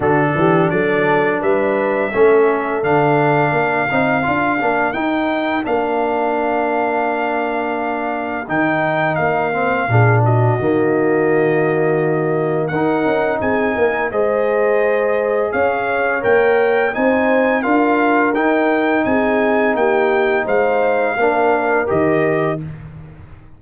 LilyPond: <<
  \new Staff \with { instrumentName = "trumpet" } { \time 4/4 \tempo 4 = 85 a'4 d''4 e''2 | f''2. g''4 | f''1 | g''4 f''4. dis''4.~ |
dis''2 fis''4 gis''4 | dis''2 f''4 g''4 | gis''4 f''4 g''4 gis''4 | g''4 f''2 dis''4 | }
  \new Staff \with { instrumentName = "horn" } { \time 4/4 fis'8 g'8 a'4 b'4 a'4~ | a'4 ais'2.~ | ais'1~ | ais'2 gis'8 fis'4.~ |
fis'2 ais'4 gis'8 ais'8 | c''2 cis''2 | c''4 ais'2 gis'4 | g'4 c''4 ais'2 | }
  \new Staff \with { instrumentName = "trombone" } { \time 4/4 d'2. cis'4 | d'4. dis'8 f'8 d'8 dis'4 | d'1 | dis'4. c'8 d'4 ais4~ |
ais2 dis'2 | gis'2. ais'4 | dis'4 f'4 dis'2~ | dis'2 d'4 g'4 | }
  \new Staff \with { instrumentName = "tuba" } { \time 4/4 d8 e8 fis4 g4 a4 | d4 ais8 c'8 d'8 ais8 dis'4 | ais1 | dis4 ais4 ais,4 dis4~ |
dis2 dis'8 cis'8 c'8 ais8 | gis2 cis'4 ais4 | c'4 d'4 dis'4 c'4 | ais4 gis4 ais4 dis4 | }
>>